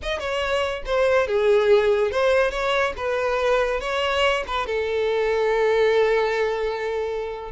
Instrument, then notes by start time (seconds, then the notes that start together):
violin
0.02 D#5
0.19 C#5
0.85 C5
1.27 G#4
2.11 C5
2.50 C#5
2.96 B4
3.80 C#5
4.47 B4
4.66 A4